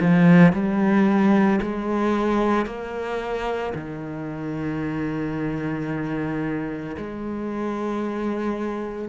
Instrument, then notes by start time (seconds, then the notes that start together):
cello
0.00 F3
0.53 G3
1.62 G#3
2.66 A#3
3.75 D#3
6.97 G#3